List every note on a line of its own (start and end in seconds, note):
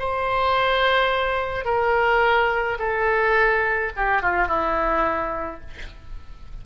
0.00 1.65 C5
1.65 2.78 A#4
2.79 3.92 A4
3.97 4.22 G4
4.22 4.48 F4
4.48 5.61 E4